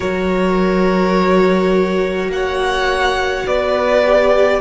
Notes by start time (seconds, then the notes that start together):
0.00 F#3 F#4 A#4 C#5
2.27 A#3 F#5
2.34 C#5
3.46 B3 B4 D5
4.04 G4